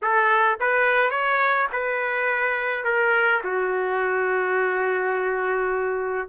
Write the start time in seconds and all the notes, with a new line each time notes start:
0.02 A4
0.59 B4
1.10 C#5
1.72 B4
2.84 A#4
3.44 F#4